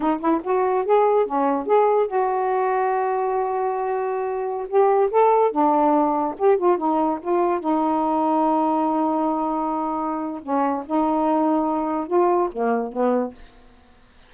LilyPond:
\new Staff \with { instrumentName = "saxophone" } { \time 4/4 \tempo 4 = 144 dis'8 e'8 fis'4 gis'4 cis'4 | gis'4 fis'2.~ | fis'2.~ fis'16 g'8.~ | g'16 a'4 d'2 g'8 f'16~ |
f'16 dis'4 f'4 dis'4.~ dis'16~ | dis'1~ | dis'4 cis'4 dis'2~ | dis'4 f'4 ais4 b4 | }